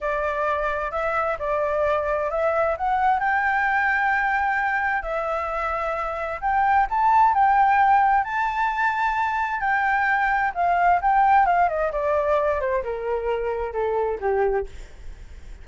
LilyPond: \new Staff \with { instrumentName = "flute" } { \time 4/4 \tempo 4 = 131 d''2 e''4 d''4~ | d''4 e''4 fis''4 g''4~ | g''2. e''4~ | e''2 g''4 a''4 |
g''2 a''2~ | a''4 g''2 f''4 | g''4 f''8 dis''8 d''4. c''8 | ais'2 a'4 g'4 | }